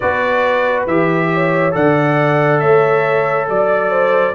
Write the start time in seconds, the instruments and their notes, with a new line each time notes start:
0.00 tuba B3, trombone F#4, horn B4, trumpet D5
0.87 tuba E3, trombone G4, trumpet E5
1.33 horn C#5
1.71 tuba D3, trombone A4, horn D5, trumpet F#5
2.59 tuba A3, horn C#5, trumpet E5
3.48 tuba F#3, horn D5, trumpet D5
3.90 horn C5